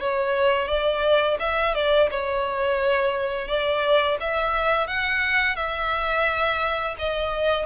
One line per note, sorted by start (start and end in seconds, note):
0.00 0.68 C#5
0.68 1.38 D5
1.40 1.75 E5
1.75 2.10 D5
2.11 3.49 C#5
3.49 4.18 D5
4.21 4.88 E5
4.88 5.56 F#5
5.56 6.96 E5
6.99 7.66 D#5